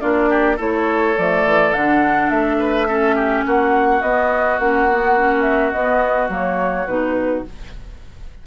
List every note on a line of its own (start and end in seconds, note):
0.00 0.59 A#3
0.00 0.57 D4
0.00 0.29 F4
0.00 0.57 D5
0.29 0.56 G4
0.56 1.17 A3
0.56 1.15 E4
0.56 2.56 A4
0.56 1.17 C#5
1.17 1.45 F3
1.17 1.73 A3
1.17 1.73 D5
1.45 1.73 E3
1.73 2.30 D3
1.73 2.87 D4
1.73 2.30 F#5
2.30 3.44 A3
2.30 3.44 E5
2.59 2.87 B4
2.87 4.02 C#4
2.87 3.16 A4
3.16 3.44 G4
3.46 4.02 A#3
3.46 7.46 F#4
3.46 4.02 F#5
4.02 4.59 B3
4.02 4.61 B3
4.02 4.59 D#5
4.59 5.73 A#3
4.59 4.89 C#4
4.59 5.42 F#5
4.90 5.18 B3
5.18 5.73 C#4
5.42 5.71 E5
5.72 6.29 B3
5.72 6.29 D#5
6.29 6.86 F#3
6.29 6.86 A#3
6.29 6.87 C#5
6.87 7.44 B2
6.87 7.45 D#4
6.87 7.44 B4